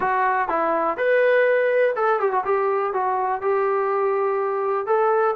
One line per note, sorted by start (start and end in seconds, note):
0.00 0.48 F#4
0.48 0.97 E4
0.97 1.94 B4
1.95 2.20 A4
2.20 2.31 G4
2.31 2.43 F#4
2.45 2.93 G4
2.93 3.41 F#4
3.41 4.86 G4
4.86 5.35 A4